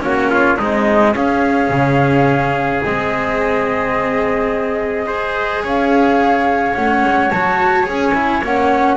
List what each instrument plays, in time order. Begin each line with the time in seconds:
0.00 double bass A#3, cello C#4, trumpet F#4, flute C#5
0.31 trumpet F4
0.59 cello G#3, double bass C4, trumpet D#4, flute D#5
1.13 double bass C#4, cello C#4, trumpet G#4, flute F5
1.70 double bass C#3
2.84 double bass G#3, cello C4, flute D#5
5.07 cello G#4, trumpet C5
5.64 double bass C#4, trumpet C#5, flute F5
6.75 double bass A3, cello C#4, flute F#5
7.04 double bass G#3
7.31 double bass F#3, cello F#4, flute A5
7.84 double bass C#4, cello G#4, flute G#5
8.15 cello E4
8.43 double bass A#3, cello C#4, flute F#5